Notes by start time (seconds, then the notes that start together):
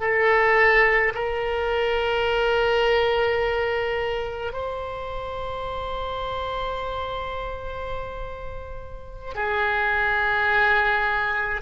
0.00 A4
1.14 A#4
4.53 C5
9.34 G#4